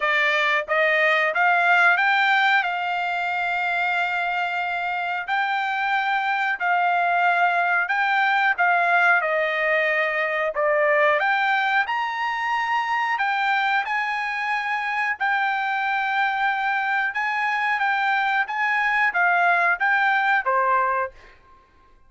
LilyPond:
\new Staff \with { instrumentName = "trumpet" } { \time 4/4 \tempo 4 = 91 d''4 dis''4 f''4 g''4 | f''1 | g''2 f''2 | g''4 f''4 dis''2 |
d''4 g''4 ais''2 | g''4 gis''2 g''4~ | g''2 gis''4 g''4 | gis''4 f''4 g''4 c''4 | }